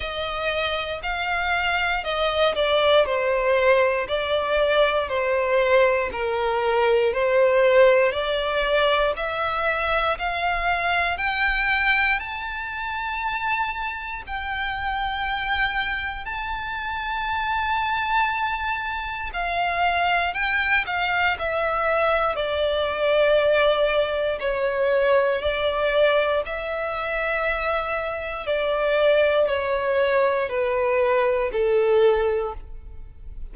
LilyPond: \new Staff \with { instrumentName = "violin" } { \time 4/4 \tempo 4 = 59 dis''4 f''4 dis''8 d''8 c''4 | d''4 c''4 ais'4 c''4 | d''4 e''4 f''4 g''4 | a''2 g''2 |
a''2. f''4 | g''8 f''8 e''4 d''2 | cis''4 d''4 e''2 | d''4 cis''4 b'4 a'4 | }